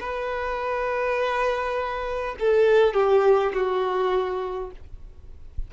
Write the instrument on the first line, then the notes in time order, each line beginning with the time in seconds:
violin
0.00 B4
2.39 A4
2.94 G4
3.53 F#4